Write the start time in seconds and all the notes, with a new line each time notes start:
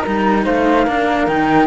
0.00 A#4 A#5
0.06 G3 D#4
0.45 A3 C5 F5
0.85 A#3 D4 A#4
1.27 D#3 D#4 G5